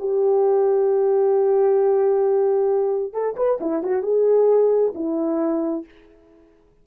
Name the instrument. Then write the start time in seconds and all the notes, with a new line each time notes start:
horn
0.00 G4
3.13 A4
3.37 B4
3.61 E4
3.83 F#4
4.03 G#4
4.95 E4